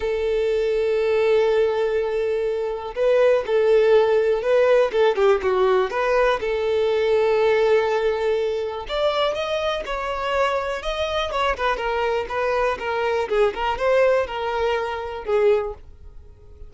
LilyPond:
\new Staff \with { instrumentName = "violin" } { \time 4/4 \tempo 4 = 122 a'1~ | a'2 b'4 a'4~ | a'4 b'4 a'8 g'8 fis'4 | b'4 a'2.~ |
a'2 d''4 dis''4 | cis''2 dis''4 cis''8 b'8 | ais'4 b'4 ais'4 gis'8 ais'8 | c''4 ais'2 gis'4 | }